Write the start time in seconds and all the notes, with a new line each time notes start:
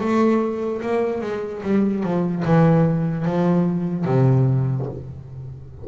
0.00 A3
0.81 A#3
1.21 G#3
1.63 G3
2.03 F3
2.45 E3
3.25 F3
4.05 C3